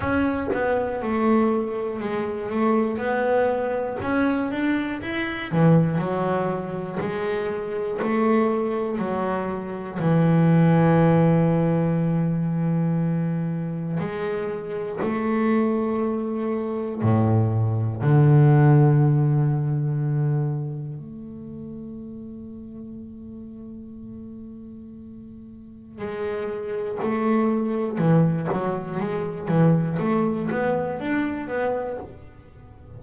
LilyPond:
\new Staff \with { instrumentName = "double bass" } { \time 4/4 \tempo 4 = 60 cis'8 b8 a4 gis8 a8 b4 | cis'8 d'8 e'8 e8 fis4 gis4 | a4 fis4 e2~ | e2 gis4 a4~ |
a4 a,4 d2~ | d4 a2.~ | a2 gis4 a4 | e8 fis8 gis8 e8 a8 b8 d'8 b8 | }